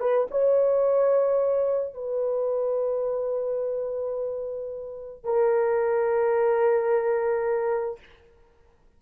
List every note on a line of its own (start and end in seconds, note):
0.00 0.28 B4
0.31 1.94 C#5
1.94 5.24 B4
5.24 7.99 A#4